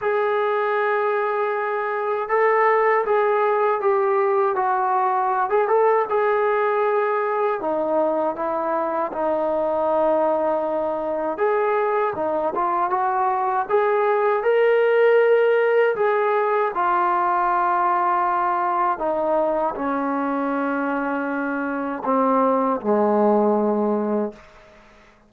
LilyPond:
\new Staff \with { instrumentName = "trombone" } { \time 4/4 \tempo 4 = 79 gis'2. a'4 | gis'4 g'4 fis'4~ fis'16 gis'16 a'8 | gis'2 dis'4 e'4 | dis'2. gis'4 |
dis'8 f'8 fis'4 gis'4 ais'4~ | ais'4 gis'4 f'2~ | f'4 dis'4 cis'2~ | cis'4 c'4 gis2 | }